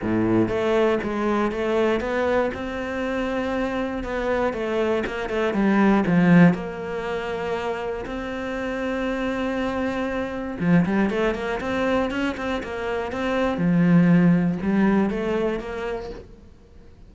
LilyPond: \new Staff \with { instrumentName = "cello" } { \time 4/4 \tempo 4 = 119 a,4 a4 gis4 a4 | b4 c'2. | b4 a4 ais8 a8 g4 | f4 ais2. |
c'1~ | c'4 f8 g8 a8 ais8 c'4 | cis'8 c'8 ais4 c'4 f4~ | f4 g4 a4 ais4 | }